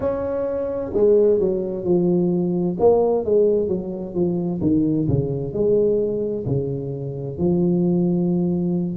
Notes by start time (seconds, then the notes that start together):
0.00 C#4
0.93 G#3
1.39 F#3
1.84 F3
2.79 A#3
3.24 G#3
3.68 F#3
4.14 F3
4.61 D#3
5.08 C#3
5.53 G#3
6.46 C#3
7.38 F3